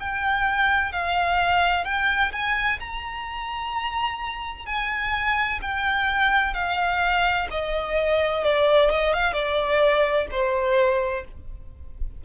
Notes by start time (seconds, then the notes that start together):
0.00 G5
0.92 F5
1.85 G5
2.33 G#5
2.80 A#5
4.66 G#5
5.62 G5
6.54 F5
7.51 D#5
8.44 D5
8.91 D#5
9.14 F5
9.33 D5
10.31 C5